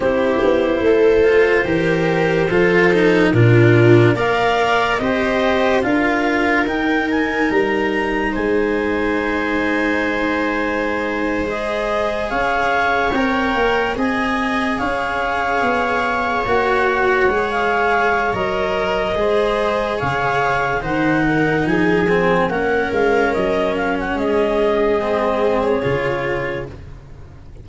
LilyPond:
<<
  \new Staff \with { instrumentName = "clarinet" } { \time 4/4 \tempo 4 = 72 c''1 | ais'4 f''4 dis''4 f''4 | g''8 gis''8 ais''4 gis''2~ | gis''4.~ gis''16 dis''4 f''4 g''16~ |
g''8. gis''4 f''2 fis''16~ | fis''4 f''4 dis''2 | f''4 fis''4 gis''4 fis''8 f''8 | dis''8 f''16 fis''16 dis''4.~ dis''16 cis''4~ cis''16 | }
  \new Staff \with { instrumentName = "viola" } { \time 4/4 g'4 a'4 ais'4 a'4 | f'4 d''4 c''4 ais'4~ | ais'2 c''2~ | c''2~ c''8. cis''4~ cis''16~ |
cis''8. dis''4 cis''2~ cis''16~ | cis''2. c''4 | cis''4 c''8 ais'8 gis'4 ais'4~ | ais'4 gis'2. | }
  \new Staff \with { instrumentName = "cello" } { \time 4/4 e'4. f'8 g'4 f'8 dis'8 | d'4 ais'4 g'4 f'4 | dis'1~ | dis'4.~ dis'16 gis'2 ais'16~ |
ais'8. gis'2. fis'16~ | fis'8. gis'4~ gis'16 ais'4 gis'4~ | gis'4 dis'4. c'8 cis'4~ | cis'2 c'4 f'4 | }
  \new Staff \with { instrumentName = "tuba" } { \time 4/4 c'8 b8 a4 e4 f4 | ais,4 ais4 c'4 d'4 | dis'4 g4 gis2~ | gis2~ gis8. cis'4 c'16~ |
c'16 ais8 c'4 cis'4 b4 ais16~ | ais8. gis4~ gis16 fis4 gis4 | cis4 dis4 f4 ais8 gis8 | fis4 gis2 cis4 | }
>>